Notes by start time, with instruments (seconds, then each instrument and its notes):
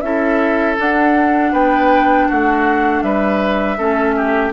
0.00 bassoon C#4, clarinet E4, oboe A4, flute E5
0.77 clarinet D4, bassoon D4, flute F#5
1.52 bassoon B3, oboe B4, flute G5
2.28 bassoon A3, oboe F#4, flute F#5
3.02 bassoon G3, oboe B4, flute E5
3.77 bassoon A3, clarinet C#4, oboe A4
4.16 oboe G4